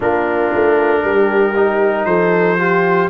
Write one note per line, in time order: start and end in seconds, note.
0.00 0.53 A#3
0.00 1.53 D4
0.00 1.02 F4
0.00 2.05 A#4
0.54 1.03 A3
1.03 2.05 G3
1.03 2.06 G4
1.55 2.58 D#4
2.05 3.08 F3
2.05 2.58 A4
2.05 3.08 C5
2.58 3.09 F4
2.58 3.09 G4